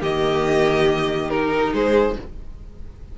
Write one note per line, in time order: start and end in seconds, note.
0.00 1.72 D#3
0.00 1.31 A#3
0.00 1.73 G4
0.00 1.29 D#5
1.29 2.17 D#4
1.29 1.73 A#4
1.72 2.15 G#3
1.72 2.16 G#4
1.72 2.18 C5